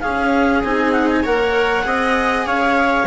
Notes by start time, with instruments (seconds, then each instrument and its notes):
0.00 cello C#4, bassoon C#4, viola G#4, clarinet F5
0.64 bassoon C4, cello D#4, clarinet G#5
0.92 clarinet F#5
1.09 clarinet G#5
1.23 bassoon A#3, cello A#4, viola C#5, clarinet F#5
1.82 bassoon C4, cello G#4, viola D#5
2.46 bassoon C#4, viola C#5, clarinet F5